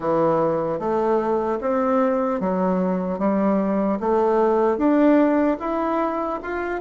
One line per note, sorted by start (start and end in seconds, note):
0.00 0.79 E3
0.79 1.59 A3
1.60 2.40 C4
2.40 3.18 F#3
3.18 3.98 G3
4.00 4.77 A3
4.77 5.57 D4
5.59 6.39 E4
6.43 6.80 F4